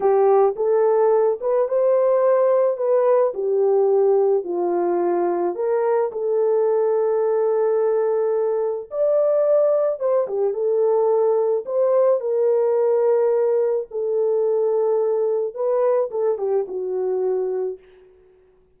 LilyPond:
\new Staff \with { instrumentName = "horn" } { \time 4/4 \tempo 4 = 108 g'4 a'4. b'8 c''4~ | c''4 b'4 g'2 | f'2 ais'4 a'4~ | a'1 |
d''2 c''8 g'8 a'4~ | a'4 c''4 ais'2~ | ais'4 a'2. | b'4 a'8 g'8 fis'2 | }